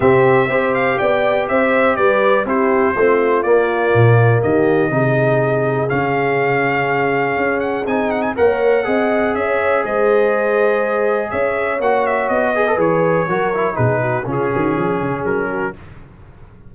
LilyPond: <<
  \new Staff \with { instrumentName = "trumpet" } { \time 4/4 \tempo 4 = 122 e''4. f''8 g''4 e''4 | d''4 c''2 d''4~ | d''4 dis''2. | f''2.~ f''8 fis''8 |
gis''8 fis''16 gis''16 fis''2 e''4 | dis''2. e''4 | fis''8 e''8 dis''4 cis''2 | b'4 gis'2 ais'4 | }
  \new Staff \with { instrumentName = "horn" } { \time 4/4 g'4 c''4 d''4 c''4 | b'4 g'4 f'2~ | f'4 g'4 gis'2~ | gis'1~ |
gis'4 cis''4 dis''4 cis''4 | c''2. cis''4~ | cis''4. b'4. ais'4 | gis'8 fis'8 f'8 fis'8 gis'4. fis'8 | }
  \new Staff \with { instrumentName = "trombone" } { \time 4/4 c'4 g'2.~ | g'4 e'4 c'4 ais4~ | ais2 dis'2 | cis'1 |
dis'4 ais'4 gis'2~ | gis'1 | fis'4. gis'16 a'16 gis'4 fis'8 e'8 | dis'4 cis'2. | }
  \new Staff \with { instrumentName = "tuba" } { \time 4/4 c4 c'4 b4 c'4 | g4 c'4 a4 ais4 | ais,4 dis4 c2 | cis2. cis'4 |
c'4 ais4 c'4 cis'4 | gis2. cis'4 | ais4 b4 e4 fis4 | b,4 cis8 dis8 f8 cis8 fis4 | }
>>